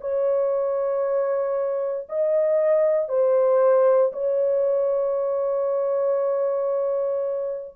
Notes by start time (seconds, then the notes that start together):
0.00 C#5
2.09 D#5
3.08 C5
4.12 C#5